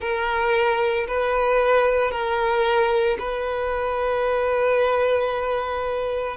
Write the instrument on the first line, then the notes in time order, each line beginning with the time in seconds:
violin
0.00 A#4
1.07 B4
2.11 A#4
3.19 B4